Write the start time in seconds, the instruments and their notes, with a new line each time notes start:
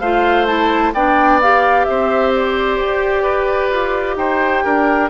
0.00 bassoon A3, clarinet F4, oboe C5, flute F5
0.47 clarinet E4, flute A5
0.93 bassoon B3, clarinet D4, oboe D5, flute G5
1.42 clarinet G4, flute F5
1.85 bassoon C4, oboe C5, flute E5
2.36 flute D5
2.78 bassoon G4
3.23 oboe B4
3.71 bassoon F4
4.17 bassoon D#4, oboe C5, flute G5
4.64 bassoon D4, oboe A#4